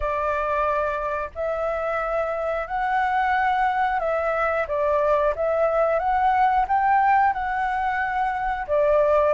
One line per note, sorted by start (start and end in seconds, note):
0.00 1.30 D5
1.35 2.67 E5
2.67 3.99 F#5
3.99 4.66 E5
4.67 5.34 D5
5.35 5.98 E5
5.98 6.65 F#5
6.68 7.33 G5
7.33 8.66 F#5
8.67 9.33 D5